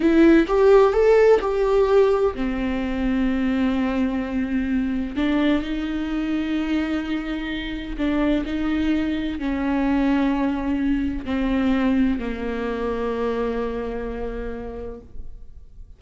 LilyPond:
\new Staff \with { instrumentName = "viola" } { \time 4/4 \tempo 4 = 128 e'4 g'4 a'4 g'4~ | g'4 c'2.~ | c'2. d'4 | dis'1~ |
dis'4 d'4 dis'2 | cis'1 | c'2 ais2~ | ais1 | }